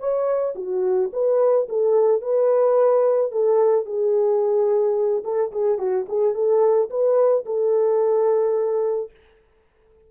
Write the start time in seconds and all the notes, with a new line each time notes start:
0.00 C#5
0.56 F#4
1.13 B4
1.69 A4
2.22 B4
3.32 A4
3.86 G#4
5.24 A4
5.52 G#4
5.79 F#4
6.09 G#4
6.35 A4
6.90 B4
7.46 A4